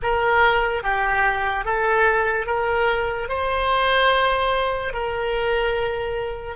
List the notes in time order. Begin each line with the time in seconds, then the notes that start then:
0.02 A#4
0.83 G4
1.64 A4
2.46 A#4
3.28 C5
4.93 A#4